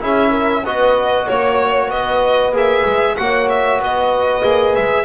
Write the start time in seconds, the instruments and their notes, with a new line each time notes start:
0.00 double bass C#4, trombone E4, horn G#4, violin E5
0.31 horn A#4
0.64 double bass B3, trombone F#4, horn B4, violin D#5
1.26 double bass A#3, horn C#5, violin C#5
1.88 double bass B3, horn B4, violin D#5
2.52 double bass A#3, trombone G#4, violin E5
2.86 double bass G#3
3.17 double bass A#3, trombone F#4, horn C#5, violin F#5
3.49 violin E5
3.79 double bass B3, horn B4, violin D#5
4.42 double bass A#3, trombone G#4
4.75 double bass G#3, violin E5